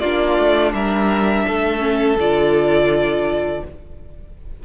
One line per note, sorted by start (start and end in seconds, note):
0.00 0.38 A#3
0.00 1.79 D4
0.00 0.73 F4
0.00 0.72 D5
0.38 0.73 A3
0.73 1.46 G3
0.73 1.46 A#4
0.73 2.18 E5
1.46 2.17 A3
1.46 3.63 A4
1.79 2.16 C#4
2.17 3.62 D3
2.17 3.65 F4
2.17 3.65 D5